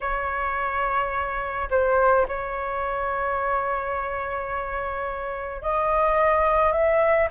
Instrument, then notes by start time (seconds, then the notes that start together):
flute
0.00 C#5
1.70 C5
2.27 C#5
5.62 D#5
6.72 E5